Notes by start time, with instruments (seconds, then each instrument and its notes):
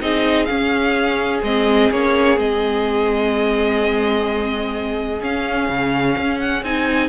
0.00 cello C4, viola D#4, violin G#4 D#5
0.45 viola C#4, cello C#4, violin F5
1.43 cello G#3, viola C4, violin D#5
1.90 cello A#3, viola C#4, violin C#5
2.36 cello G#3, viola C4, violin D#5
5.21 viola C#4, cello C#4, violin F5
5.69 cello C#3
6.17 cello C#4
6.39 violin F#5
6.62 cello C4, viola D#4, violin G#5